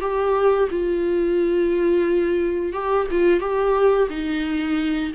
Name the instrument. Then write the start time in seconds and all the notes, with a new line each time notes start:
viola
0.00 G4
0.70 F4
2.72 G4
3.11 F4
3.40 G4
4.09 D#4